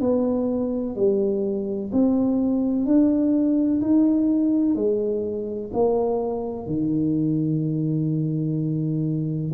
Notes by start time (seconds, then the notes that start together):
0.00 B3
0.96 G3
1.92 C4
2.86 D4
3.81 D#4
4.75 G#3
5.73 A#3
6.66 D#3